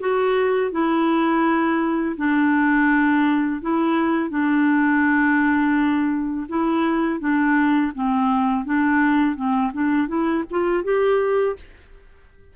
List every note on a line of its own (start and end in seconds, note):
0.00 0.72 F#4
0.72 2.16 E4
2.17 3.61 D4
3.62 4.30 E4
4.30 6.47 D4
6.49 7.20 E4
7.20 7.92 D4
7.95 8.65 C4
8.65 9.36 D4
9.36 9.72 C4
9.73 10.08 D4
10.08 10.44 E4
10.51 10.84 F4
10.84 11.56 G4